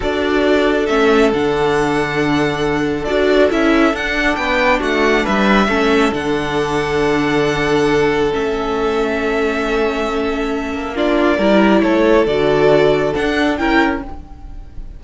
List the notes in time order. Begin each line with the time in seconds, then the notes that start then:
0.00 D4 F#4 A4 D5
0.86 A3 C#4 E5
1.33 D3 D4 F#5
3.04 D4 F#4 D5
3.50 C#4 E4 E5
3.92 D4 F#5
4.35 B3 B4 G5
4.79 A3 F#4 F#5
5.23 G3 B4 E5
5.68 A3 C#4 A4
6.12 D3 D4 F#5
8.31 A3 C#4 E5
10.73 A#3
10.95 D4 F4 D5
11.37 G3 E4 A#4
11.81 A3 A4 C#5
12.26 D3 F#4 D5
13.13 D4 F#5
13.56 C#4 E4 A#4 G5